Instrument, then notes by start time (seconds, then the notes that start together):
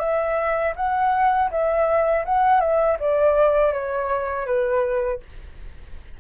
flute
0.00 E5
0.76 F#5
1.51 E5
2.26 F#5
2.61 E5
3.00 D5
3.73 C#5
4.46 B4